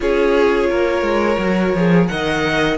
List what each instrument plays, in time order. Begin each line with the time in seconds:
0.00 cello C#4, viola F4, violin G#4 C#5
0.69 cello A#3, violin A#4
1.02 cello G#3
1.38 cello F#3, viola F#4
1.73 cello F3, viola G#4
2.07 cello D#3, viola A#4, violin D#5 F#5